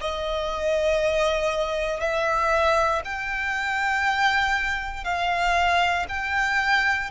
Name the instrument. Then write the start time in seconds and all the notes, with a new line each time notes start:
violin
0.00 D#5
2.00 E5
3.04 G5
5.04 F5
6.08 G5